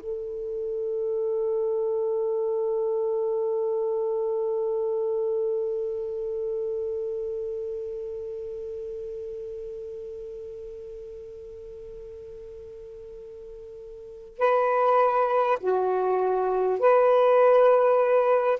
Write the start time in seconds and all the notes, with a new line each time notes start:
0.00 A4
14.39 B4
15.61 F#4
16.80 B4